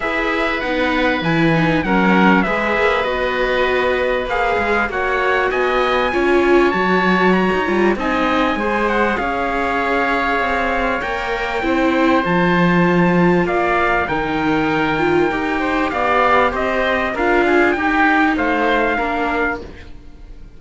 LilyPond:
<<
  \new Staff \with { instrumentName = "trumpet" } { \time 4/4 \tempo 4 = 98 e''4 fis''4 gis''4 fis''4 | e''4 dis''2 f''4 | fis''4 gis''2 a''4 | ais''4 gis''4. fis''8 f''4~ |
f''2 g''2 | a''2 f''4 g''4~ | g''2 f''4 dis''4 | f''4 g''4 f''2 | }
  \new Staff \with { instrumentName = "oboe" } { \time 4/4 b'2. ais'4 | b'1 | cis''4 dis''4 cis''2~ | cis''4 dis''4 c''4 cis''4~ |
cis''2. c''4~ | c''2 d''4 ais'4~ | ais'4. c''8 d''4 c''4 | ais'8 gis'8 g'4 c''4 ais'4 | }
  \new Staff \with { instrumentName = "viola" } { \time 4/4 gis'4 dis'4 e'8 dis'8 cis'4 | gis'4 fis'2 gis'4 | fis'2 f'4 fis'4~ | fis'8 f'8 dis'4 gis'2~ |
gis'2 ais'4 e'4 | f'2. dis'4~ | dis'8 f'8 g'2. | f'4 dis'2 d'4 | }
  \new Staff \with { instrumentName = "cello" } { \time 4/4 e'4 b4 e4 fis4 | gis8 ais8 b2 ais8 gis8 | ais4 b4 cis'4 fis4~ | fis16 dis'16 g8 c'4 gis4 cis'4~ |
cis'4 c'4 ais4 c'4 | f2 ais4 dis4~ | dis4 dis'4 b4 c'4 | d'4 dis'4 a4 ais4 | }
>>